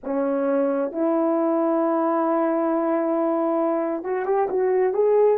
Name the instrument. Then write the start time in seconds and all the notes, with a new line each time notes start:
horn
0.03 C#4
0.92 E4
4.03 F#4
4.25 G4
4.49 F#4
4.93 G#4